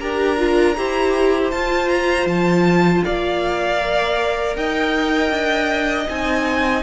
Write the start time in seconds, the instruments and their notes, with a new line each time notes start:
0.00 cello D4, viola G4, violin A#4 A#5
0.38 viola F4
0.77 cello E4, viola G4, violin C5
1.51 cello F4, viola F4, violin A5
1.89 violin A#5
2.26 cello F3, violin A5
3.04 cello A#3, violin D5 F5
3.78 viola A#4
4.56 cello D#4, violin D#5 G5
5.30 cello D4
6.07 cello C4, viola D#4, violin G#5